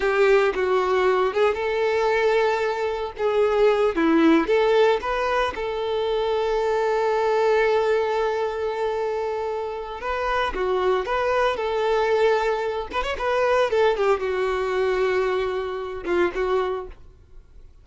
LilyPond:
\new Staff \with { instrumentName = "violin" } { \time 4/4 \tempo 4 = 114 g'4 fis'4. gis'8 a'4~ | a'2 gis'4. e'8~ | e'8 a'4 b'4 a'4.~ | a'1~ |
a'2. b'4 | fis'4 b'4 a'2~ | a'8 b'16 cis''16 b'4 a'8 g'8 fis'4~ | fis'2~ fis'8 f'8 fis'4 | }